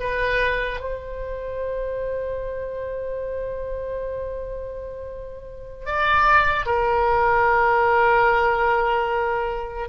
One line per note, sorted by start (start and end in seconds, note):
0.00 0.80 B4
0.80 5.86 C5
5.86 6.66 D5
6.66 9.89 A#4